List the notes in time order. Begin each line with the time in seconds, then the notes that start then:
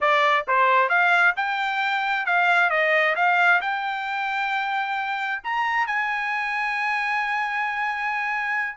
0.00 D5
0.47 C5
0.89 F5
1.36 G5
2.26 F5
2.70 D#5
3.15 F5
3.61 G5
5.43 A#5
5.86 G#5